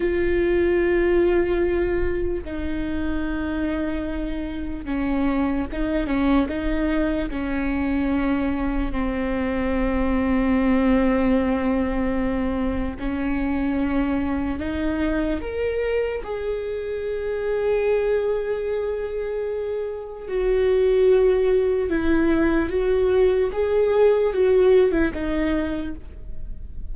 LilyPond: \new Staff \with { instrumentName = "viola" } { \time 4/4 \tempo 4 = 74 f'2. dis'4~ | dis'2 cis'4 dis'8 cis'8 | dis'4 cis'2 c'4~ | c'1 |
cis'2 dis'4 ais'4 | gis'1~ | gis'4 fis'2 e'4 | fis'4 gis'4 fis'8. e'16 dis'4 | }